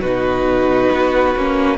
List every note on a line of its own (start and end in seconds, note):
0.00 0.88 B2
0.00 1.36 D#4
0.00 1.77 F#4
0.00 1.77 B4
0.91 1.35 B3
1.35 1.77 A#3
1.35 1.77 C#4